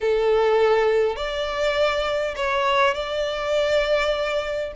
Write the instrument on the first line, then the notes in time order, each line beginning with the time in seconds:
violin
0.01 A4
1.16 D5
2.36 C#5
2.94 D5